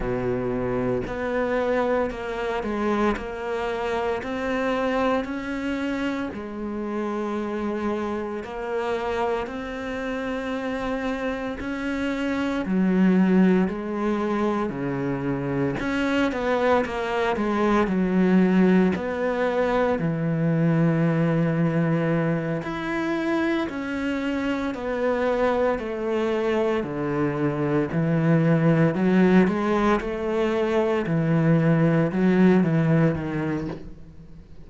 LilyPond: \new Staff \with { instrumentName = "cello" } { \time 4/4 \tempo 4 = 57 b,4 b4 ais8 gis8 ais4 | c'4 cis'4 gis2 | ais4 c'2 cis'4 | fis4 gis4 cis4 cis'8 b8 |
ais8 gis8 fis4 b4 e4~ | e4. e'4 cis'4 b8~ | b8 a4 d4 e4 fis8 | gis8 a4 e4 fis8 e8 dis8 | }